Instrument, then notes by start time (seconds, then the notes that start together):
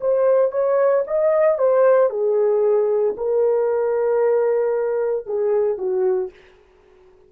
horn
0.00 C5
0.51 C#5
1.07 D#5
1.58 C5
2.10 G#4
3.17 A#4
5.26 G#4
5.78 F#4